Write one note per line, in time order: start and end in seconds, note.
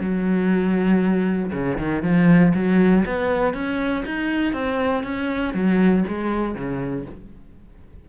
0.00 1.51 F#3
1.52 1.77 C#3
1.78 2.02 D#3
2.02 2.53 F3
2.54 3.04 F#3
3.05 3.53 B3
3.53 4.04 C#4
4.05 4.53 D#4
4.53 5.03 C4
5.03 5.53 C#4
5.53 6.04 F#3
6.07 6.55 G#3
6.55 7.05 C#3